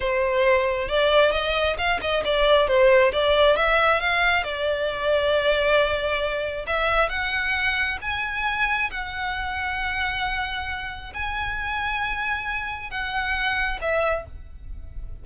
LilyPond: \new Staff \with { instrumentName = "violin" } { \time 4/4 \tempo 4 = 135 c''2 d''4 dis''4 | f''8 dis''8 d''4 c''4 d''4 | e''4 f''4 d''2~ | d''2. e''4 |
fis''2 gis''2 | fis''1~ | fis''4 gis''2.~ | gis''4 fis''2 e''4 | }